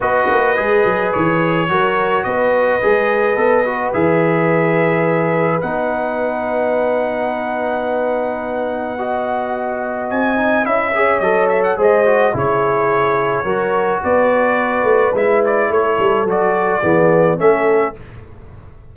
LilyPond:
<<
  \new Staff \with { instrumentName = "trumpet" } { \time 4/4 \tempo 4 = 107 dis''2 cis''2 | dis''2. e''4~ | e''2 fis''2~ | fis''1~ |
fis''2 gis''4 e''4 | dis''8 e''16 fis''16 dis''4 cis''2~ | cis''4 d''2 e''8 d''8 | cis''4 d''2 e''4 | }
  \new Staff \with { instrumentName = "horn" } { \time 4/4 b'2. ais'4 | b'1~ | b'1~ | b'1 |
dis''2.~ dis''8 cis''8~ | cis''4 c''4 gis'2 | ais'4 b'2. | a'2 gis'4 a'4 | }
  \new Staff \with { instrumentName = "trombone" } { \time 4/4 fis'4 gis'2 fis'4~ | fis'4 gis'4 a'8 fis'8 gis'4~ | gis'2 dis'2~ | dis'1 |
fis'2~ fis'8 dis'8 e'8 gis'8 | a'4 gis'8 fis'8 e'2 | fis'2. e'4~ | e'4 fis'4 b4 cis'4 | }
  \new Staff \with { instrumentName = "tuba" } { \time 4/4 b8 ais8 gis8 fis8 e4 fis4 | b4 gis4 b4 e4~ | e2 b2~ | b1~ |
b2 c'4 cis'4 | fis4 gis4 cis2 | fis4 b4. a8 gis4 | a8 g8 fis4 e4 a4 | }
>>